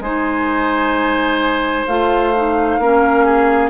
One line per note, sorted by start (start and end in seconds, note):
0.00 1.85 G#3
0.00 1.88 D#4
0.00 2.80 C5
0.00 1.87 G#5
1.87 2.78 A3
1.87 2.34 F4
1.87 3.70 F5
2.36 2.82 D#4
2.78 3.70 A#3
2.78 3.70 C#4
2.78 3.25 A#4
3.25 3.70 G#4